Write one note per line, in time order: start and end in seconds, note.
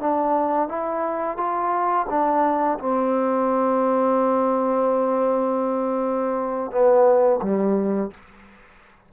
0.00 0.69 D4
0.69 1.38 E4
1.38 2.07 F4
2.10 2.79 D4
2.79 6.71 C4
6.71 7.40 B3
7.42 8.11 G3